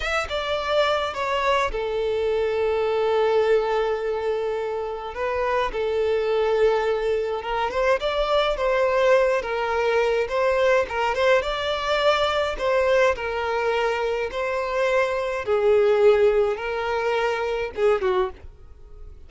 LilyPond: \new Staff \with { instrumentName = "violin" } { \time 4/4 \tempo 4 = 105 e''8 d''4. cis''4 a'4~ | a'1~ | a'4 b'4 a'2~ | a'4 ais'8 c''8 d''4 c''4~ |
c''8 ais'4. c''4 ais'8 c''8 | d''2 c''4 ais'4~ | ais'4 c''2 gis'4~ | gis'4 ais'2 gis'8 fis'8 | }